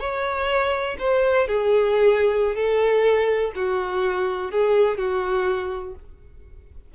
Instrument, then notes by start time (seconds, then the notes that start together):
violin
0.00 C#5
0.99 C5
1.47 G#4
2.56 A4
3.56 F#4
4.52 G#4
4.98 F#4